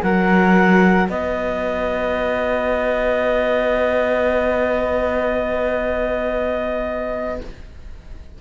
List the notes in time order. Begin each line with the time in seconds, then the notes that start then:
0.00 F#3 F#4 A#4 F#5
1.09 B3 B4 D#5